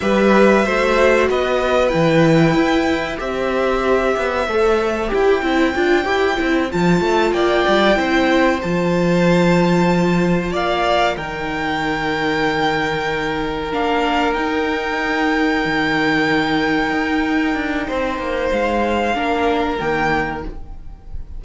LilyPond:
<<
  \new Staff \with { instrumentName = "violin" } { \time 4/4 \tempo 4 = 94 e''2 dis''4 g''4~ | g''4 e''2. | g''2~ g''8 a''4 g''8~ | g''4. a''2~ a''8~ |
a''8 f''4 g''2~ g''8~ | g''4. f''4 g''4.~ | g''1~ | g''4 f''2 g''4 | }
  \new Staff \with { instrumentName = "violin" } { \time 4/4 b'4 c''4 b'2~ | b'4 c''2.~ | c''2.~ c''8 d''8~ | d''8 c''2.~ c''8~ |
c''8 d''4 ais'2~ ais'8~ | ais'1~ | ais'1 | c''2 ais'2 | }
  \new Staff \with { instrumentName = "viola" } { \time 4/4 g'4 fis'2 e'4~ | e'4 g'2 a'4 | g'8 e'8 f'8 g'8 e'8 f'4.~ | f'8 e'4 f'2~ f'8~ |
f'4. dis'2~ dis'8~ | dis'4. d'4 dis'4.~ | dis'1~ | dis'2 d'4 ais4 | }
  \new Staff \with { instrumentName = "cello" } { \time 4/4 g4 a4 b4 e4 | e'4 c'4. b8 a4 | e'8 c'8 d'8 e'8 c'8 f8 a8 ais8 | g8 c'4 f2~ f8~ |
f8 ais4 dis2~ dis8~ | dis4. ais4 dis'4.~ | dis'8 dis2 dis'4 d'8 | c'8 ais8 gis4 ais4 dis4 | }
>>